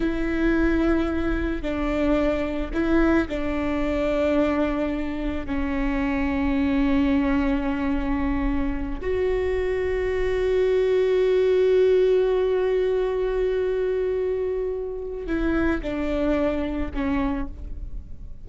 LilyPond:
\new Staff \with { instrumentName = "viola" } { \time 4/4 \tempo 4 = 110 e'2. d'4~ | d'4 e'4 d'2~ | d'2 cis'2~ | cis'1~ |
cis'8 fis'2.~ fis'8~ | fis'1~ | fis'1 | e'4 d'2 cis'4 | }